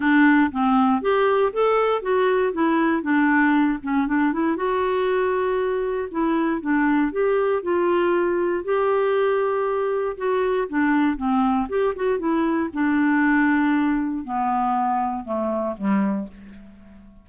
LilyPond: \new Staff \with { instrumentName = "clarinet" } { \time 4/4 \tempo 4 = 118 d'4 c'4 g'4 a'4 | fis'4 e'4 d'4. cis'8 | d'8 e'8 fis'2. | e'4 d'4 g'4 f'4~ |
f'4 g'2. | fis'4 d'4 c'4 g'8 fis'8 | e'4 d'2. | b2 a4 g4 | }